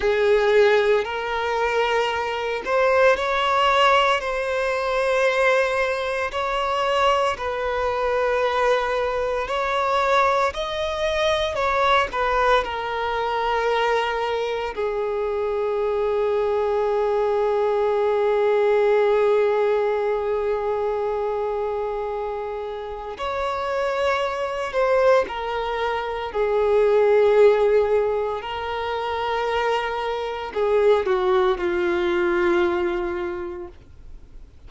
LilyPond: \new Staff \with { instrumentName = "violin" } { \time 4/4 \tempo 4 = 57 gis'4 ais'4. c''8 cis''4 | c''2 cis''4 b'4~ | b'4 cis''4 dis''4 cis''8 b'8 | ais'2 gis'2~ |
gis'1~ | gis'2 cis''4. c''8 | ais'4 gis'2 ais'4~ | ais'4 gis'8 fis'8 f'2 | }